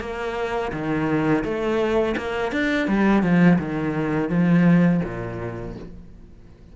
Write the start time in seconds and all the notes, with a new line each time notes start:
0.00 A#3
0.72 D#3
1.44 A3
2.17 A#3
2.52 D4
2.87 G3
3.22 F3
3.58 D#3
4.29 F3
5.04 A#2